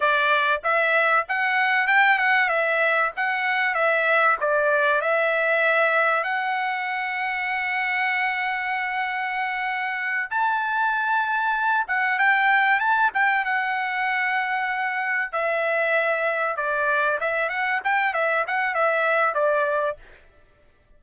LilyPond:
\new Staff \with { instrumentName = "trumpet" } { \time 4/4 \tempo 4 = 96 d''4 e''4 fis''4 g''8 fis''8 | e''4 fis''4 e''4 d''4 | e''2 fis''2~ | fis''1~ |
fis''8 a''2~ a''8 fis''8 g''8~ | g''8 a''8 g''8 fis''2~ fis''8~ | fis''8 e''2 d''4 e''8 | fis''8 g''8 e''8 fis''8 e''4 d''4 | }